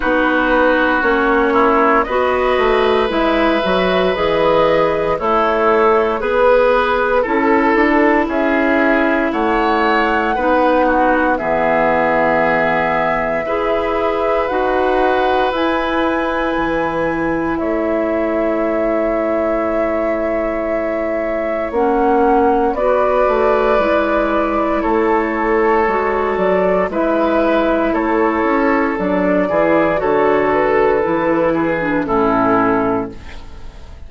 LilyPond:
<<
  \new Staff \with { instrumentName = "flute" } { \time 4/4 \tempo 4 = 58 b'4 cis''4 dis''4 e''4 | dis''4 cis''4 b'4 a'4 | e''4 fis''2 e''4~ | e''2 fis''4 gis''4~ |
gis''4 e''2.~ | e''4 fis''4 d''2 | cis''4. d''8 e''4 cis''4 | d''4 cis''8 b'4. a'4 | }
  \new Staff \with { instrumentName = "oboe" } { \time 4/4 fis'4. e'8 b'2~ | b'4 e'4 b'4 a'4 | gis'4 cis''4 b'8 fis'8 gis'4~ | gis'4 b'2.~ |
b'4 cis''2.~ | cis''2 b'2 | a'2 b'4 a'4~ | a'8 gis'8 a'4. gis'8 e'4 | }
  \new Staff \with { instrumentName = "clarinet" } { \time 4/4 dis'4 cis'4 fis'4 e'8 fis'8 | gis'4 a'4 gis'4 e'4~ | e'2 dis'4 b4~ | b4 gis'4 fis'4 e'4~ |
e'1~ | e'4 cis'4 fis'4 e'4~ | e'4 fis'4 e'2 | d'8 e'8 fis'4 e'8. d'16 cis'4 | }
  \new Staff \with { instrumentName = "bassoon" } { \time 4/4 b4 ais4 b8 a8 gis8 fis8 | e4 a4 b4 cis'8 d'8 | cis'4 a4 b4 e4~ | e4 e'4 dis'4 e'4 |
e4 a2.~ | a4 ais4 b8 a8 gis4 | a4 gis8 fis8 gis4 a8 cis'8 | fis8 e8 d4 e4 a,4 | }
>>